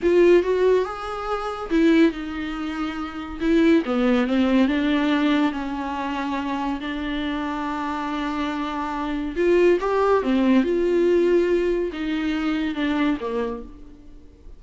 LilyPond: \new Staff \with { instrumentName = "viola" } { \time 4/4 \tempo 4 = 141 f'4 fis'4 gis'2 | e'4 dis'2. | e'4 b4 c'4 d'4~ | d'4 cis'2. |
d'1~ | d'2 f'4 g'4 | c'4 f'2. | dis'2 d'4 ais4 | }